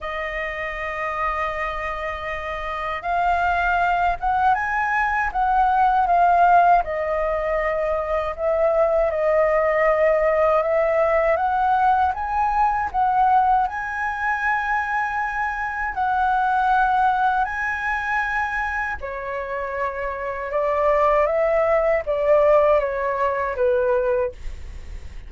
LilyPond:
\new Staff \with { instrumentName = "flute" } { \time 4/4 \tempo 4 = 79 dis''1 | f''4. fis''8 gis''4 fis''4 | f''4 dis''2 e''4 | dis''2 e''4 fis''4 |
gis''4 fis''4 gis''2~ | gis''4 fis''2 gis''4~ | gis''4 cis''2 d''4 | e''4 d''4 cis''4 b'4 | }